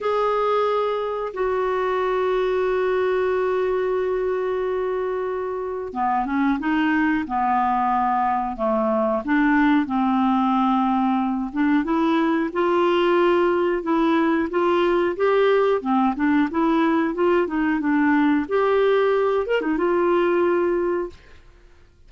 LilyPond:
\new Staff \with { instrumentName = "clarinet" } { \time 4/4 \tempo 4 = 91 gis'2 fis'2~ | fis'1~ | fis'4 b8 cis'8 dis'4 b4~ | b4 a4 d'4 c'4~ |
c'4. d'8 e'4 f'4~ | f'4 e'4 f'4 g'4 | c'8 d'8 e'4 f'8 dis'8 d'4 | g'4. ais'16 dis'16 f'2 | }